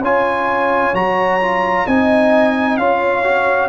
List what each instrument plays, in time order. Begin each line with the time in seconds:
0.00 tuba C#4, trombone F4, horn C#5, trumpet G#5
0.93 tuba F#3, trombone F#4, trumpet A#5
1.41 trombone F4
1.86 tuba C4, trombone D#4, horn D#5, trumpet G#5
2.77 tuba C#4, trombone F4, horn C#5, trumpet F5
3.23 trombone F#4